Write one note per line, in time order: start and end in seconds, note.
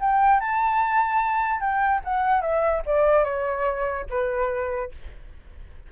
0.00 0.40 G5
0.40 1.60 A5
1.60 2.01 G5
2.04 2.41 F#5
2.41 2.82 E5
2.86 3.24 D5
3.24 4.06 C#5
4.10 4.92 B4